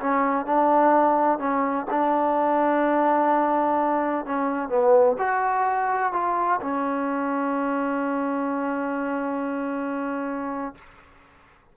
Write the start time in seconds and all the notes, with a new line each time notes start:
0.00 C#4
0.46 D4
1.39 C#4
1.90 D4
4.26 C#4
4.69 B3
5.18 F#4
6.13 F4
6.61 C#4